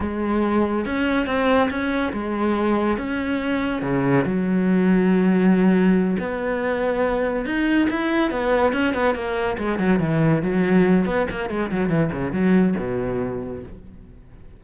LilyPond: \new Staff \with { instrumentName = "cello" } { \time 4/4 \tempo 4 = 141 gis2 cis'4 c'4 | cis'4 gis2 cis'4~ | cis'4 cis4 fis2~ | fis2~ fis8 b4.~ |
b4. dis'4 e'4 b8~ | b8 cis'8 b8 ais4 gis8 fis8 e8~ | e8 fis4. b8 ais8 gis8 fis8 | e8 cis8 fis4 b,2 | }